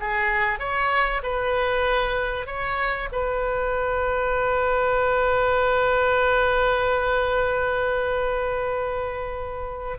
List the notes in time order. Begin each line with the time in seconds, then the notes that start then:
0.00 G#4
0.59 C#5
1.23 B4
2.46 C#5
3.12 B4